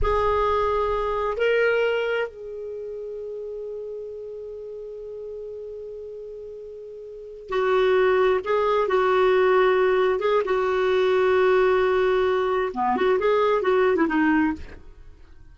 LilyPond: \new Staff \with { instrumentName = "clarinet" } { \time 4/4 \tempo 4 = 132 gis'2. ais'4~ | ais'4 gis'2.~ | gis'1~ | gis'1~ |
gis'8 fis'2 gis'4 fis'8~ | fis'2~ fis'8 gis'8 fis'4~ | fis'1 | b8 fis'8 gis'4 fis'8. e'16 dis'4 | }